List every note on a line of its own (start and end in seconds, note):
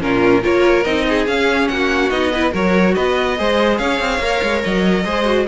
0.00 0.43 A#2
0.00 0.42 C#4
0.00 0.42 F4
0.00 0.43 A#4
0.42 0.85 A#3
0.42 0.84 F4
0.42 1.05 A#4
0.42 0.84 C#5
0.84 1.27 C4
0.84 1.27 D#4
0.84 1.26 D#5
1.09 1.72 G#4
1.27 1.69 C#4
1.27 2.10 C#4
1.27 1.68 F5
1.68 2.10 A#3
1.68 2.32 F#4
1.68 2.10 F#5
2.10 2.52 B3
2.10 2.31 D#4
2.10 2.52 D#5
2.32 2.52 E4
2.32 2.52 B4
2.52 2.96 F#3
2.52 3.36 F#4
2.52 2.94 A#4
2.52 2.95 C#5
2.95 3.39 B3
2.95 3.38 B4
2.95 3.77 D#5
3.38 3.79 G#3
3.38 4.22 G#4
3.38 3.78 C5
3.77 4.00 C#4
3.77 5.04 C#5
3.77 4.61 F5
4.00 4.19 C4
4.19 4.40 A#3
4.19 5.05 A#4
4.43 4.64 G#3
4.63 5.05 F#3
4.63 5.47 D#5
5.05 5.47 G#3
5.05 5.24 G#4
5.05 5.47 C5
5.24 5.45 F#4